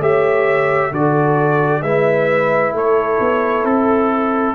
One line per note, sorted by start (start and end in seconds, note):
0.00 0.91 A3
0.00 0.92 G4
0.00 0.91 C#5
0.00 0.93 E5
0.91 1.82 D3
0.91 1.83 F#4
0.91 1.82 A4
0.91 1.82 D5
1.82 2.73 G#3
1.82 4.55 E4
1.82 2.73 B4
1.82 2.73 E5
2.73 3.19 A3
2.73 4.55 A4
2.73 3.66 C#5
3.20 3.64 B3
3.64 4.55 C4
3.64 4.55 A4